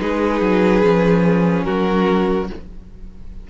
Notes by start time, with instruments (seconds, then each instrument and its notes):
0.00 cello G#3, viola D#4, violin G#4 B4
0.41 cello F#3
0.83 cello F3, viola C#4
1.64 cello F#3, violin F#4 A#4